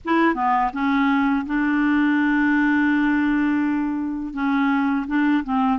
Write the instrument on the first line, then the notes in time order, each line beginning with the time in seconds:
clarinet
0.04 E4
0.34 B3
0.73 C#4
1.46 D4
4.33 C#4
5.07 D4
5.43 C4